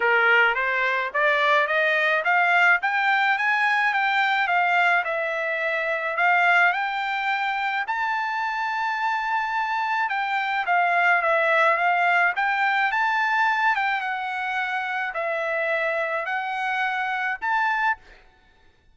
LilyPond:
\new Staff \with { instrumentName = "trumpet" } { \time 4/4 \tempo 4 = 107 ais'4 c''4 d''4 dis''4 | f''4 g''4 gis''4 g''4 | f''4 e''2 f''4 | g''2 a''2~ |
a''2 g''4 f''4 | e''4 f''4 g''4 a''4~ | a''8 g''8 fis''2 e''4~ | e''4 fis''2 a''4 | }